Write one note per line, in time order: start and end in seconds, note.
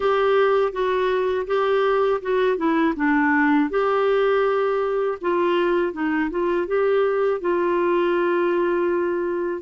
0.00 0.72 G4
0.72 1.46 F#4
1.46 2.20 G4
2.21 2.57 F#4
2.57 2.94 E4
2.96 3.70 D4
3.70 5.18 G4
5.21 5.93 F4
5.93 6.30 D#4
6.30 6.67 F4
6.67 7.41 G4
7.41 9.61 F4